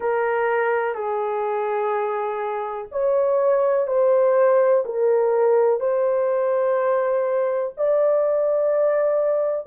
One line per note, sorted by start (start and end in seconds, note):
0.00 0.94 A#4
0.94 2.88 G#4
2.91 3.87 C#5
3.87 4.84 C5
4.85 5.79 A#4
5.79 7.73 C5
7.77 9.66 D5